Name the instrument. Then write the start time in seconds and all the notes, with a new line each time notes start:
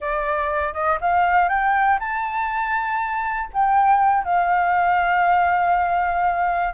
flute
0.00 D5
0.73 D#5
1.00 F5
1.48 G5
1.99 A5
3.52 G5
4.24 F5